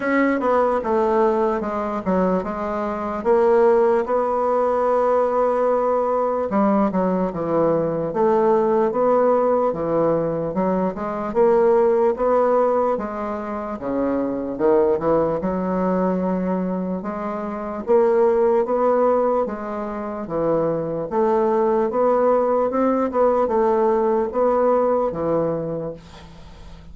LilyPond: \new Staff \with { instrumentName = "bassoon" } { \time 4/4 \tempo 4 = 74 cis'8 b8 a4 gis8 fis8 gis4 | ais4 b2. | g8 fis8 e4 a4 b4 | e4 fis8 gis8 ais4 b4 |
gis4 cis4 dis8 e8 fis4~ | fis4 gis4 ais4 b4 | gis4 e4 a4 b4 | c'8 b8 a4 b4 e4 | }